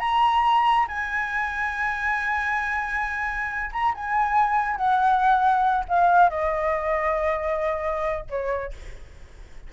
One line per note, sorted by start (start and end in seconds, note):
0.00 0.87 A#5
0.89 3.71 G#5
3.73 3.94 A#5
3.95 4.77 G#5
4.77 5.85 F#5
5.89 6.30 F5
6.30 8.26 D#5
8.30 8.74 C#5